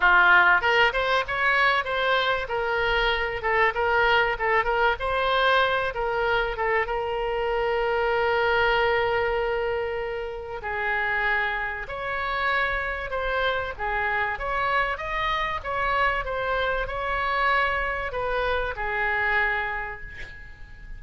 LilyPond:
\new Staff \with { instrumentName = "oboe" } { \time 4/4 \tempo 4 = 96 f'4 ais'8 c''8 cis''4 c''4 | ais'4. a'8 ais'4 a'8 ais'8 | c''4. ais'4 a'8 ais'4~ | ais'1~ |
ais'4 gis'2 cis''4~ | cis''4 c''4 gis'4 cis''4 | dis''4 cis''4 c''4 cis''4~ | cis''4 b'4 gis'2 | }